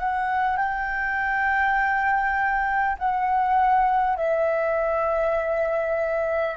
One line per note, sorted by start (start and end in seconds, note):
0.00 0.57 F#5
0.57 2.97 G5
2.99 4.17 F#5
4.17 6.57 E5